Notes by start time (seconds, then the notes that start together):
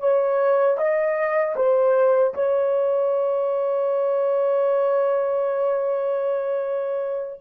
0.00 C#5
0.78 D#5
1.56 C5
2.34 C#5